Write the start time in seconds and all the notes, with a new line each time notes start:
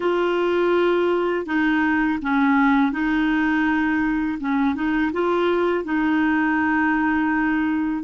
0.00 F4
1.46 D#4
2.22 C#4
2.91 D#4
4.40 C#4
4.75 D#4
5.12 F4
5.84 D#4